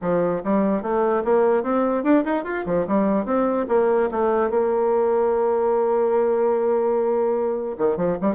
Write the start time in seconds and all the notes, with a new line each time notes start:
0.01 F3
0.44 G3
0.82 A3
1.24 A#3
1.63 C4
2.03 D4
2.24 D#4
2.44 F4
2.66 F3
2.87 G3
3.25 C4
3.68 A#3
4.11 A3
4.50 A#3
7.78 D#3
7.96 F3
8.21 G3